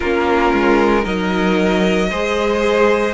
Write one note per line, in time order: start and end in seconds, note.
0.00 0.53 A#3
0.00 1.04 C#4
0.00 1.02 F4
0.00 1.05 A#4
0.53 1.05 G#3
1.02 2.10 F#3
1.02 2.09 D#4
1.02 2.07 A#4
1.02 3.14 D#5
2.10 3.14 G#3
2.10 3.14 G#4
2.10 3.14 C5